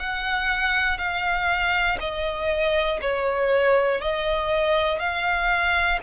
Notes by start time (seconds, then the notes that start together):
0.00 F#5
0.99 F5
2.01 D#5
3.02 C#5
4.01 D#5
5.00 F5